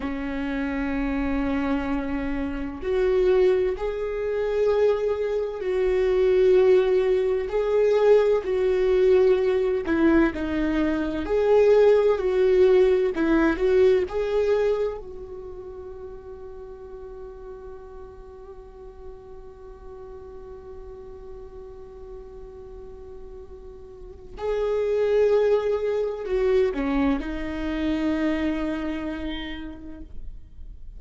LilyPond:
\new Staff \with { instrumentName = "viola" } { \time 4/4 \tempo 4 = 64 cis'2. fis'4 | gis'2 fis'2 | gis'4 fis'4. e'8 dis'4 | gis'4 fis'4 e'8 fis'8 gis'4 |
fis'1~ | fis'1~ | fis'2 gis'2 | fis'8 cis'8 dis'2. | }